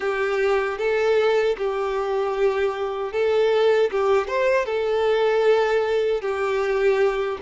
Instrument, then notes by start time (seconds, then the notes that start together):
violin
0.00 G4
0.78 A4
1.57 G4
3.12 A4
3.91 G4
4.27 C5
4.65 A4
6.21 G4